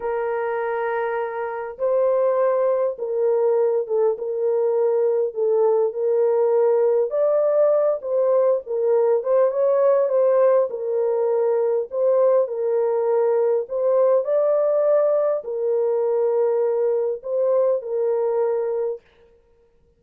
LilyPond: \new Staff \with { instrumentName = "horn" } { \time 4/4 \tempo 4 = 101 ais'2. c''4~ | c''4 ais'4. a'8 ais'4~ | ais'4 a'4 ais'2 | d''4. c''4 ais'4 c''8 |
cis''4 c''4 ais'2 | c''4 ais'2 c''4 | d''2 ais'2~ | ais'4 c''4 ais'2 | }